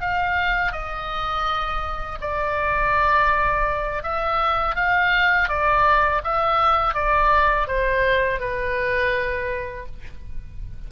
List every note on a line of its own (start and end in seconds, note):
0.00 0.72 F5
0.72 2.19 D#5
2.21 4.02 D5
4.02 4.75 E5
4.75 5.48 F5
5.48 6.21 D5
6.23 6.94 E5
6.94 7.67 D5
7.67 8.39 C5
8.39 9.86 B4